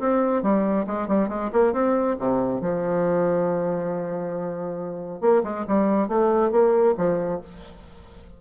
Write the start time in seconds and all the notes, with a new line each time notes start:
0.00 C4
0.43 G3
0.87 G#3
1.08 G3
1.29 G#3
1.53 A#3
1.73 C4
2.19 C3
2.61 F3
5.21 A#3
5.44 G#3
5.68 G3
6.08 A3
6.52 A#3
6.98 F3